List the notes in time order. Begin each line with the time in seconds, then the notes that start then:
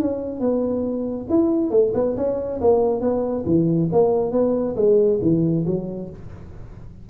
0.00 C#4
0.40 B3
1.29 E4
1.71 A3
1.94 B3
2.17 C#4
2.61 A#3
3.01 B3
3.46 E3
3.92 A#3
4.32 B3
4.76 G#3
5.22 E3
5.66 F#3